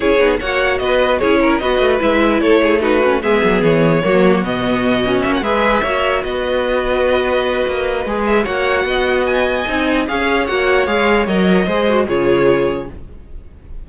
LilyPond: <<
  \new Staff \with { instrumentName = "violin" } { \time 4/4 \tempo 4 = 149 cis''4 fis''4 dis''4 cis''4 | dis''4 e''4 cis''4 b'4 | e''4 cis''2 dis''4~ | dis''4 e''16 fis''16 e''2 dis''8~ |
dis''1~ | dis''8 e''8 fis''2 gis''4~ | gis''4 f''4 fis''4 f''4 | dis''2 cis''2 | }
  \new Staff \with { instrumentName = "violin" } { \time 4/4 gis'4 cis''4 b'4 gis'8 ais'8 | b'2 a'8 gis'8 fis'4 | gis'2 fis'2~ | fis'4. b'4 cis''4 b'8~ |
b'1~ | b'4 cis''4 dis''2~ | dis''4 cis''2.~ | cis''4 c''4 gis'2 | }
  \new Staff \with { instrumentName = "viola" } { \time 4/4 e'8 dis'8 fis'2 e'4 | fis'4 e'2 dis'8 cis'8 | b2 ais4 b4~ | b8 cis'4 gis'4 fis'4.~ |
fis'1 | gis'4 fis'2. | dis'4 gis'4 fis'4 gis'4 | ais'4 gis'8 fis'8 f'2 | }
  \new Staff \with { instrumentName = "cello" } { \time 4/4 cis'8 b8 ais4 b4 cis'4 | b8 a8 gis4 a2 | gis8 fis8 e4 fis4 b,4~ | b,4 ais8 gis4 ais4 b8~ |
b2. ais4 | gis4 ais4 b2 | c'4 cis'4 ais4 gis4 | fis4 gis4 cis2 | }
>>